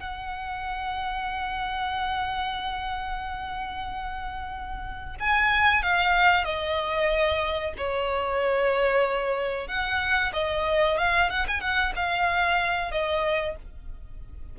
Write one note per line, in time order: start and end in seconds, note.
0.00 5.16 F#5
5.20 5.83 G#5
5.83 6.44 F5
6.44 7.73 D#5
7.77 9.68 C#5
9.68 10.32 F#5
10.33 10.98 D#5
10.98 11.30 F5
11.30 11.46 F#5
11.48 11.61 G#5
11.61 11.93 F#5
11.96 12.91 F5
12.91 13.56 D#5